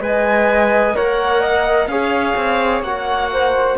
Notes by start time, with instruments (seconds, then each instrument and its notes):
0.00 cello G#3, trombone B4, flute D#5, violin G#5
0.95 cello A#3, trombone A#4, flute C#5, violin F#5
1.41 flute D#5
1.88 cello C#4, trombone G#4, flute C#5, violin F5
2.36 cello C4
2.82 cello A#3, trombone F#4, violin F#5
3.32 flute C5